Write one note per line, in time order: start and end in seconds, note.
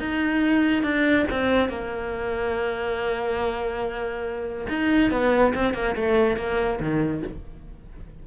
0.00 0.83 D#4
0.83 1.26 D4
1.31 1.69 C4
1.69 4.67 A#3
4.69 5.11 D#4
5.11 5.54 B3
5.55 5.74 C4
5.74 5.95 A#3
5.96 6.37 A3
6.37 6.79 A#3
6.80 7.23 D#3